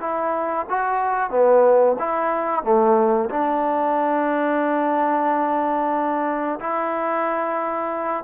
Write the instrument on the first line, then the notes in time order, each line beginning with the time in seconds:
trombone
0.00 E4
0.69 F#4
1.30 B3
1.99 E4
2.63 A3
3.29 D4
6.59 E4